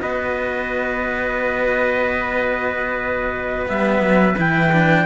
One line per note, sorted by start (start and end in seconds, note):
0.00 3.68 B3
0.00 3.66 F#4
0.00 5.06 B4
0.00 3.68 D#5
3.66 4.00 G3
3.66 4.35 B3
3.66 4.38 E5
4.00 4.34 F#3
4.37 5.06 E3
4.37 4.72 E4
4.37 5.06 G5
4.72 5.06 D4